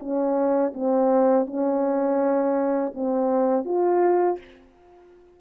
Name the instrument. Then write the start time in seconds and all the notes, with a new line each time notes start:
horn
0.00 C#4
0.74 C4
1.46 C#4
2.95 C4
3.65 F4